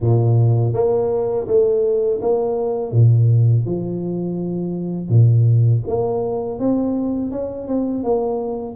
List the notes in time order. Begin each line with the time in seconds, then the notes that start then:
0.00 A#2
0.73 A#3
1.47 A3
2.22 A#3
2.92 A#2
3.65 F3
5.09 A#2
5.87 A#3
6.59 C4
7.31 C#4
7.67 C4
8.03 A#3